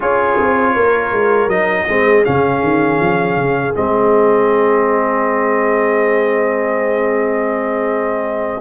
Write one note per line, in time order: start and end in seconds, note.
0.00 0.39 C#4
0.00 1.49 F4
0.00 0.73 G#4
0.00 1.49 C#5
0.39 0.76 C4
0.74 1.11 A#3
0.74 1.86 A#4
1.11 1.47 G#3
1.47 1.85 F#3
1.47 1.87 D#4
1.47 2.24 D#5
1.88 2.25 G#3
1.88 2.24 C4
1.88 8.60 G#4
2.24 2.62 C#3
2.24 3.73 C#4
2.24 3.75 F5
2.62 3.00 D#3
3.00 3.36 F3
3.36 3.73 C#3
3.73 8.60 G#3
3.73 8.60 C4
3.73 8.60 D#5